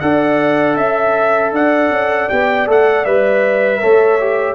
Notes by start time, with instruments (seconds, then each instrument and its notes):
0.00 tuba D4, trombone A4, horn D5, trumpet F#5
0.76 tuba C#4, trumpet E5, horn E5
1.52 tuba D4, horn D5, trumpet F#5
1.90 tuba C#4
2.29 tuba B3, trombone G4, trumpet G5
2.67 tuba A3, trombone A4, trumpet F#5
3.05 tuba G3, trombone B4, trumpet E5
3.81 tuba A3, trombone A4, horn C#5
4.20 trombone G4